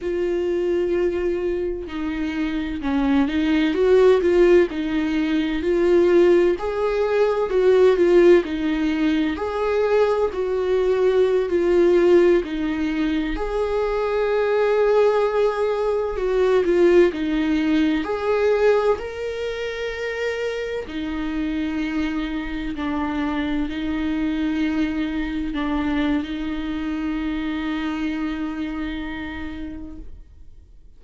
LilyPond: \new Staff \with { instrumentName = "viola" } { \time 4/4 \tempo 4 = 64 f'2 dis'4 cis'8 dis'8 | fis'8 f'8 dis'4 f'4 gis'4 | fis'8 f'8 dis'4 gis'4 fis'4~ | fis'16 f'4 dis'4 gis'4.~ gis'16~ |
gis'4~ gis'16 fis'8 f'8 dis'4 gis'8.~ | gis'16 ais'2 dis'4.~ dis'16~ | dis'16 d'4 dis'2 d'8. | dis'1 | }